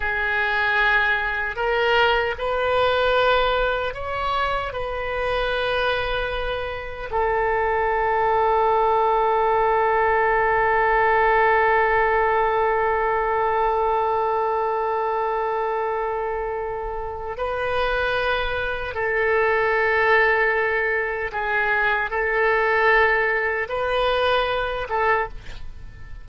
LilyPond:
\new Staff \with { instrumentName = "oboe" } { \time 4/4 \tempo 4 = 76 gis'2 ais'4 b'4~ | b'4 cis''4 b'2~ | b'4 a'2.~ | a'1~ |
a'1~ | a'2 b'2 | a'2. gis'4 | a'2 b'4. a'8 | }